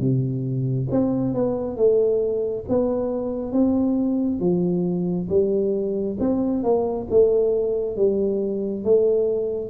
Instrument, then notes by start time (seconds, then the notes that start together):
tuba
0.00 C3
0.91 C4
1.35 B3
1.77 A3
2.69 B3
3.52 C4
4.40 F3
5.29 G3
6.20 C4
6.64 A#3
7.10 A3
7.97 G3
8.84 A3